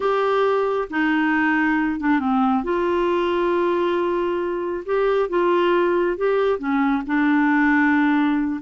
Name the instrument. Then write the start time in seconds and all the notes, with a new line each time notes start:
clarinet
0.00 G4
0.90 D#4
2.00 D4
2.19 C4
2.63 F4
4.85 G4
5.29 F4
6.17 G4
6.58 C#4
7.06 D4